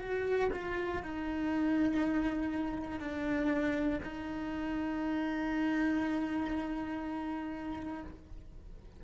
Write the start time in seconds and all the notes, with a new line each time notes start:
0.00 F#4
0.53 F4
1.03 D#4
3.00 D4
4.04 D#4